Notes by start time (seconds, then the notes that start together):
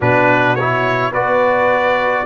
0.00 B2 D4 F#4 B4
0.55 E4 C#5
1.11 B3 F#4 B4 D5